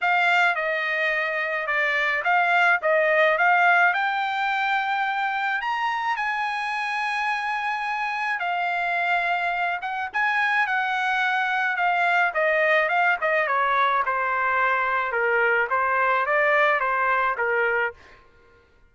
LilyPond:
\new Staff \with { instrumentName = "trumpet" } { \time 4/4 \tempo 4 = 107 f''4 dis''2 d''4 | f''4 dis''4 f''4 g''4~ | g''2 ais''4 gis''4~ | gis''2. f''4~ |
f''4. fis''8 gis''4 fis''4~ | fis''4 f''4 dis''4 f''8 dis''8 | cis''4 c''2 ais'4 | c''4 d''4 c''4 ais'4 | }